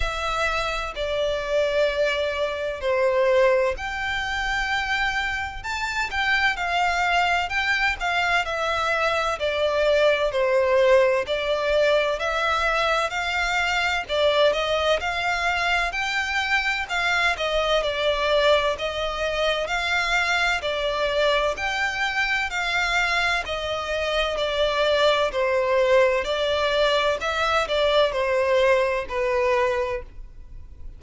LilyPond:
\new Staff \with { instrumentName = "violin" } { \time 4/4 \tempo 4 = 64 e''4 d''2 c''4 | g''2 a''8 g''8 f''4 | g''8 f''8 e''4 d''4 c''4 | d''4 e''4 f''4 d''8 dis''8 |
f''4 g''4 f''8 dis''8 d''4 | dis''4 f''4 d''4 g''4 | f''4 dis''4 d''4 c''4 | d''4 e''8 d''8 c''4 b'4 | }